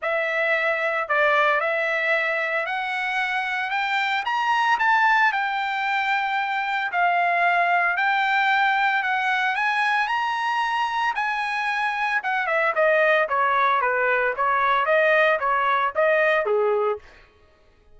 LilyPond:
\new Staff \with { instrumentName = "trumpet" } { \time 4/4 \tempo 4 = 113 e''2 d''4 e''4~ | e''4 fis''2 g''4 | ais''4 a''4 g''2~ | g''4 f''2 g''4~ |
g''4 fis''4 gis''4 ais''4~ | ais''4 gis''2 fis''8 e''8 | dis''4 cis''4 b'4 cis''4 | dis''4 cis''4 dis''4 gis'4 | }